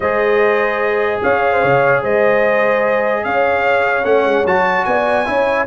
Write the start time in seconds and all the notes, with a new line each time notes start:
0.00 G#3 G#4 C5 D#5
1.22 C#4 C#5 F5
1.52 C5
1.61 C#3 C#5
2.02 G#3 C5 D#5
3.24 C#4 C#5 F5
4.03 A3 C#4 F#5
4.24 G#3
4.45 F#3 F#4 A5
4.84 B3 D5 G#5
5.25 C#4 E4 C#5